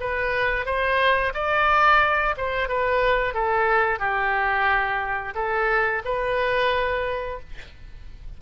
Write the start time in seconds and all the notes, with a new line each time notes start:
0.00 B4
0.66 C5
1.34 D5
2.37 C5
2.68 B4
3.34 A4
3.99 G4
5.35 A4
6.05 B4